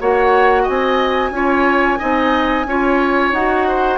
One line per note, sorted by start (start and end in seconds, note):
0.00 0.67 A#3
0.00 1.33 F#4
0.00 0.63 C#5
0.00 0.67 F#5
0.63 1.31 C4
0.63 1.29 D#5
0.63 3.33 G#5
1.31 1.97 C#4
1.31 1.99 F4
1.31 1.99 C#5
1.99 2.65 C4
1.99 2.65 D#4
1.99 2.66 D#5
2.65 3.32 C#4
2.65 3.35 F4
2.65 3.68 C#5
3.32 3.98 D#4
3.32 3.98 F#4
3.32 3.98 F#5
3.68 3.98 C5